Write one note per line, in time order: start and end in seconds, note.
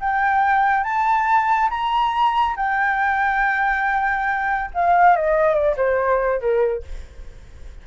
0.00 0.84 G5
0.84 1.69 A5
1.70 2.56 A#5
2.57 4.71 G5
4.74 5.16 F5
5.16 5.54 D#5
5.54 5.76 D5
5.77 6.40 C5
6.40 6.83 A#4